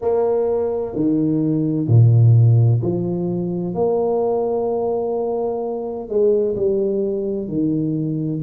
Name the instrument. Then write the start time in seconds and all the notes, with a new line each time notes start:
tuba
0.01 A#3
0.95 D#3
1.87 A#2
2.81 F3
3.74 A#3
6.08 G#3
6.55 G3
7.48 D#3